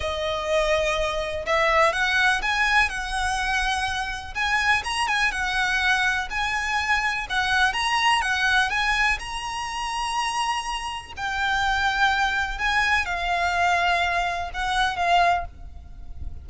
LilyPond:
\new Staff \with { instrumentName = "violin" } { \time 4/4 \tempo 4 = 124 dis''2. e''4 | fis''4 gis''4 fis''2~ | fis''4 gis''4 ais''8 gis''8 fis''4~ | fis''4 gis''2 fis''4 |
ais''4 fis''4 gis''4 ais''4~ | ais''2. g''4~ | g''2 gis''4 f''4~ | f''2 fis''4 f''4 | }